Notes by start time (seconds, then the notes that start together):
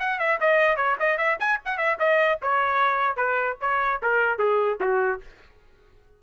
0.00 F#5
0.20 E5
0.41 D#5
0.77 C#5
1.00 D#5
1.18 E5
1.40 G#5
1.66 F#5
1.78 E5
2.00 D#5
2.42 C#5
3.17 B4
3.61 C#5
4.03 A#4
4.39 G#4
4.81 F#4